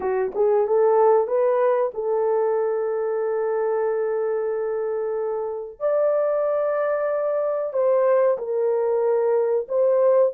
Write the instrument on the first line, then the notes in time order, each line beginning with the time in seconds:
horn
0.00 F#4
0.35 G#4
0.67 A4
1.27 B4
1.94 A4
5.79 D5
7.73 C5
8.38 A#4
9.68 C5